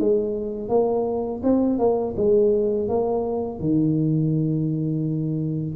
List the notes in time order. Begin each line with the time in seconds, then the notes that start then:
0.00 G#3
0.69 A#3
1.44 C4
1.79 A#3
2.17 G#3
2.88 A#3
3.60 D#3